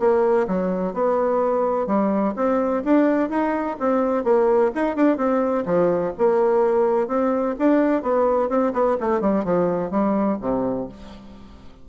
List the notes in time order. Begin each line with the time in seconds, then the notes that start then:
0.00 A#3
0.48 F#3
0.94 B3
1.87 G3
2.36 C4
2.85 D4
3.30 D#4
3.80 C4
4.24 A#3
4.75 D#4
4.96 D4
5.18 C4
5.66 F3
6.18 A#3
7.08 C4
7.59 D4
8.03 B3
8.50 C4
8.74 B3
9.01 A3
9.21 G3
9.45 F3
9.91 G3
10.42 C3